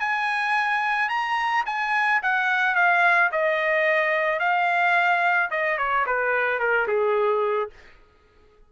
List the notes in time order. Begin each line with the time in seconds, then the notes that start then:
0.00 G#5
1.09 A#5
1.66 G#5
2.23 F#5
2.75 F5
3.32 D#5
4.40 F5
5.51 D#5
5.78 C#5
6.06 B4
6.60 A#4
6.87 G#4